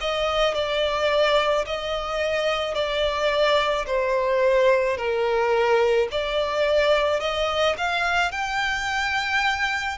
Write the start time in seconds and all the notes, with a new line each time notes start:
0.00 D#5
0.54 D5
1.66 D#5
2.74 D5
3.86 C5
4.97 A#4
6.11 D5
7.20 D#5
7.78 F5
8.31 G5